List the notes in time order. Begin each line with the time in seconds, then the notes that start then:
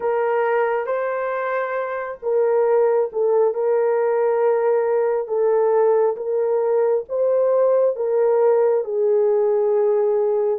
0.00 A#4
0.86 C5
2.22 A#4
3.12 A4
3.53 A#4
5.27 A4
6.16 A#4
7.08 C5
7.96 A#4
8.84 G#4